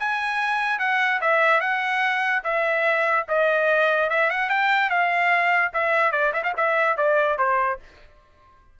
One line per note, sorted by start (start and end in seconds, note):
0.00 0.79 G#5
0.79 1.20 F#5
1.22 1.61 E5
1.61 2.43 F#5
2.44 3.27 E5
3.29 4.10 D#5
4.10 4.31 E5
4.31 4.50 F#5
4.50 4.90 G5
4.90 5.73 F5
5.74 6.12 E5
6.12 6.33 D5
6.33 6.44 E5
6.44 6.54 F5
6.57 6.98 E5
6.98 7.39 D5
7.39 7.80 C5